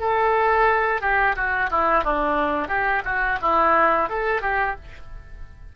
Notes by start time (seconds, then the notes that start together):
0.00 A4
1.02 G4
1.36 F#4
1.71 E4
2.04 D4
2.69 G4
3.05 F#4
3.42 E4
4.10 A4
4.42 G4